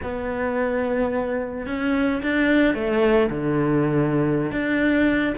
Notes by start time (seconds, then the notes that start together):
0.02 B3
1.66 C#4
2.23 D4
2.74 A3
3.30 D3
4.51 D4